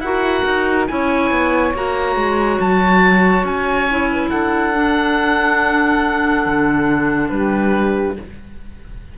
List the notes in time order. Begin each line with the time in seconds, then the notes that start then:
0.00 E4 F#4 A#4 F#5
0.46 D#4
0.87 C#4 E4 C#5 G#5
1.31 B3
1.74 A#3 F#4 A#5
2.16 G#3
2.61 F#3 A5
3.44 C#4 G#5
3.91 E4
4.11 B4
4.29 D4 A4 F#5
4.74 D4
6.46 D3
7.30 G3 G4 B4